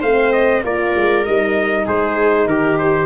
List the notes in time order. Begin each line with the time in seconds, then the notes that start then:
0.00 A3 C4 C5 F5
0.33 D#5
0.64 A#3 F4 A#4 D5
0.96 G#3
1.25 G3 D#4 D#5
1.85 G#3 G#4 C5
2.46 D#3 G4 A#4
2.78 C5